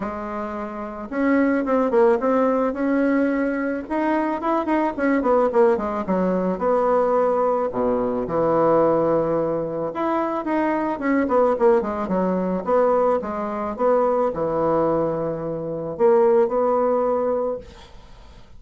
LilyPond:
\new Staff \with { instrumentName = "bassoon" } { \time 4/4 \tempo 4 = 109 gis2 cis'4 c'8 ais8 | c'4 cis'2 dis'4 | e'8 dis'8 cis'8 b8 ais8 gis8 fis4 | b2 b,4 e4~ |
e2 e'4 dis'4 | cis'8 b8 ais8 gis8 fis4 b4 | gis4 b4 e2~ | e4 ais4 b2 | }